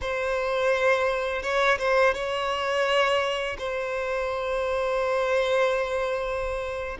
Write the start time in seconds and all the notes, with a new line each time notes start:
0.01 C5
1.42 C#5
1.78 C5
2.14 C#5
3.58 C5